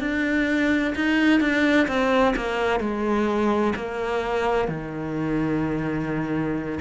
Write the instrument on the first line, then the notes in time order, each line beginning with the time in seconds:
cello
0.00 D4
0.95 D#4
1.40 D4
1.87 C4
2.36 A#3
2.80 G#3
3.75 A#3
4.68 D#3